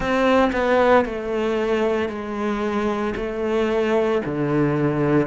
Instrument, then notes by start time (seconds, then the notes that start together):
cello
0.00 C4
0.52 B3
1.05 A3
2.08 G#3
3.16 A3
4.25 D3